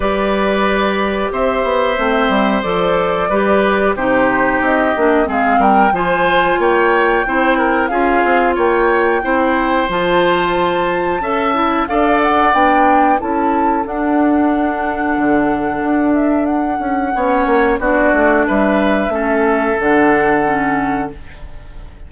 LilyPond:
<<
  \new Staff \with { instrumentName = "flute" } { \time 4/4 \tempo 4 = 91 d''2 e''2 | d''2 c''4 dis''4 | f''8 g''8 gis''4 g''2 | f''4 g''2 a''4~ |
a''2 f''8 fis''8 g''4 | a''4 fis''2.~ | fis''8 e''8 fis''2 d''4 | e''2 fis''2 | }
  \new Staff \with { instrumentName = "oboe" } { \time 4/4 b'2 c''2~ | c''4 b'4 g'2 | gis'8 ais'8 c''4 cis''4 c''8 ais'8 | gis'4 cis''4 c''2~ |
c''4 e''4 d''2 | a'1~ | a'2 cis''4 fis'4 | b'4 a'2. | }
  \new Staff \with { instrumentName = "clarinet" } { \time 4/4 g'2. c'4 | a'4 g'4 dis'4. d'8 | c'4 f'2 e'4 | f'2 e'4 f'4~ |
f'4 a'8 e'8 a'4 d'4 | e'4 d'2.~ | d'2 cis'4 d'4~ | d'4 cis'4 d'4 cis'4 | }
  \new Staff \with { instrumentName = "bassoon" } { \time 4/4 g2 c'8 b8 a8 g8 | f4 g4 c4 c'8 ais8 | gis8 g8 f4 ais4 c'4 | cis'8 c'8 ais4 c'4 f4~ |
f4 cis'4 d'4 b4 | cis'4 d'2 d4 | d'4. cis'8 b8 ais8 b8 a8 | g4 a4 d2 | }
>>